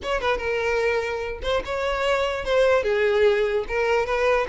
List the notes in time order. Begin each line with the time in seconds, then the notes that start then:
0.02 C#5
0.20 B4
0.37 A#4
1.42 C5
1.65 C#5
2.44 C5
2.83 G#4
3.68 A#4
4.06 B4